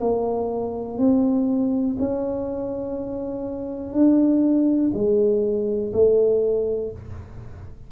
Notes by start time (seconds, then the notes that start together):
0.00 A#3
0.98 C4
1.99 C#4
3.93 D4
4.94 G#3
5.93 A3